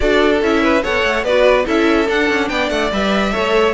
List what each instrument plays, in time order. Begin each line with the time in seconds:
0.00 cello D4, viola F#4, violin A4 D5
0.42 cello C#4, viola E4, violin E5
0.62 violin B4
0.82 cello B3, viola A4, violin C#5 F#5
1.03 cello A3
1.23 cello B3, viola F#4, violin B4 D5
1.64 cello C#4, viola E4, violin A4 E5
2.08 viola D4, cello D4, violin F#5
2.29 cello C#4
2.49 cello B3, violin D5 G5
2.69 cello A3, violin F#5
2.91 cello G3, viola B4, violin E5
3.31 cello A3, viola A4, violin C#5